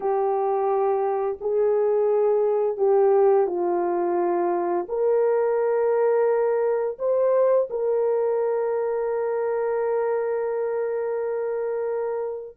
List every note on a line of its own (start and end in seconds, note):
0.00 1.38 G4
1.40 2.77 G#4
2.77 3.46 G4
3.46 4.86 F4
4.88 6.97 A#4
6.98 7.68 C5
7.70 12.56 A#4